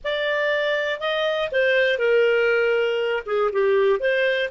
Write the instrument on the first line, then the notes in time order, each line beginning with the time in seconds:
clarinet
0.04 D5
1.00 D#5
1.51 C5
1.98 A#4
3.25 G#4
3.52 G4
3.99 C5